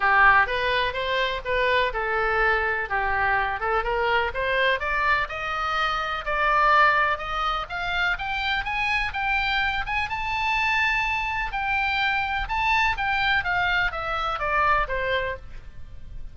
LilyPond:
\new Staff \with { instrumentName = "oboe" } { \time 4/4 \tempo 4 = 125 g'4 b'4 c''4 b'4 | a'2 g'4. a'8 | ais'4 c''4 d''4 dis''4~ | dis''4 d''2 dis''4 |
f''4 g''4 gis''4 g''4~ | g''8 gis''8 a''2. | g''2 a''4 g''4 | f''4 e''4 d''4 c''4 | }